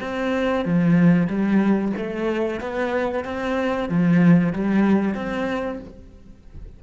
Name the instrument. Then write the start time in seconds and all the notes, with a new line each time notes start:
cello
0.00 C4
0.65 F3
1.27 G3
1.96 A3
2.60 B3
3.24 C4
3.89 F3
4.52 G3
5.14 C4